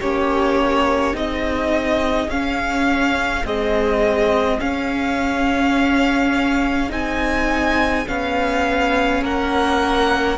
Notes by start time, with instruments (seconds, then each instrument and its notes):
0.00 cello A#3, viola C#4, violin G4 C#5
1.14 cello C4, viola D#4, violin G#4 D#5
2.28 cello C#4, viola C#4, violin F5
3.44 viola G#3, cello C4, violin D#5
4.60 viola C#4, cello C#4, violin F5
6.89 cello C4, viola D#4, violin G#5
8.07 cello B3, viola C#4, violin F5
9.23 cello A#3, violin A#4 F#5